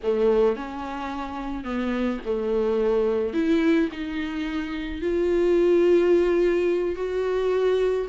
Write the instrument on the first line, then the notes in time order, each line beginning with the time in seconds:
viola
0.03 A3
0.56 C#4
1.64 B3
2.25 A3
3.33 E4
3.92 D#4
5.01 F4
6.95 F#4